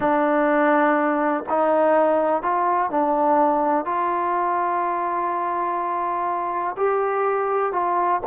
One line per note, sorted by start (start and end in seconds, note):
0.00 1.43 D4
1.49 2.42 D#4
2.42 2.90 F4
2.90 3.85 D4
3.85 6.75 F4
6.77 7.72 G4
7.72 8.20 F4